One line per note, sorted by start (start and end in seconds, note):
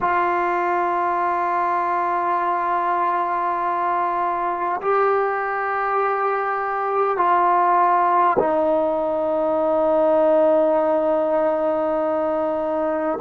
0.00 4.80 F4
4.81 7.17 G4
7.17 8.37 F4
8.38 13.18 D#4